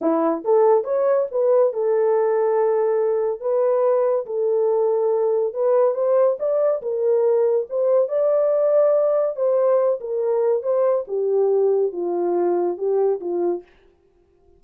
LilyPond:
\new Staff \with { instrumentName = "horn" } { \time 4/4 \tempo 4 = 141 e'4 a'4 cis''4 b'4 | a'1 | b'2 a'2~ | a'4 b'4 c''4 d''4 |
ais'2 c''4 d''4~ | d''2 c''4. ais'8~ | ais'4 c''4 g'2 | f'2 g'4 f'4 | }